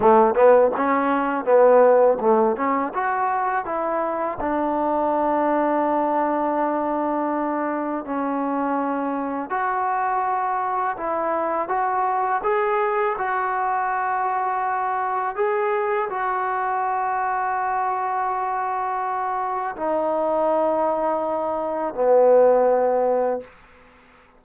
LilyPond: \new Staff \with { instrumentName = "trombone" } { \time 4/4 \tempo 4 = 82 a8 b8 cis'4 b4 a8 cis'8 | fis'4 e'4 d'2~ | d'2. cis'4~ | cis'4 fis'2 e'4 |
fis'4 gis'4 fis'2~ | fis'4 gis'4 fis'2~ | fis'2. dis'4~ | dis'2 b2 | }